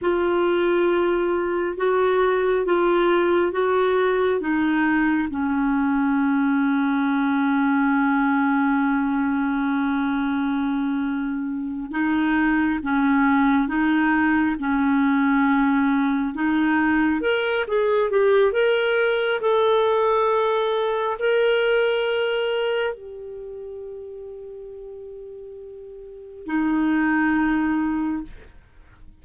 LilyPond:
\new Staff \with { instrumentName = "clarinet" } { \time 4/4 \tempo 4 = 68 f'2 fis'4 f'4 | fis'4 dis'4 cis'2~ | cis'1~ | cis'4. dis'4 cis'4 dis'8~ |
dis'8 cis'2 dis'4 ais'8 | gis'8 g'8 ais'4 a'2 | ais'2 g'2~ | g'2 dis'2 | }